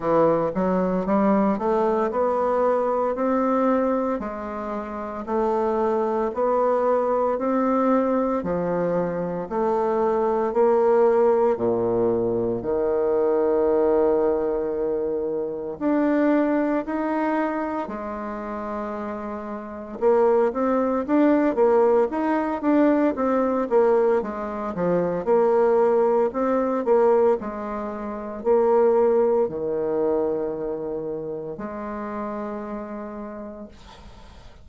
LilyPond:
\new Staff \with { instrumentName = "bassoon" } { \time 4/4 \tempo 4 = 57 e8 fis8 g8 a8 b4 c'4 | gis4 a4 b4 c'4 | f4 a4 ais4 ais,4 | dis2. d'4 |
dis'4 gis2 ais8 c'8 | d'8 ais8 dis'8 d'8 c'8 ais8 gis8 f8 | ais4 c'8 ais8 gis4 ais4 | dis2 gis2 | }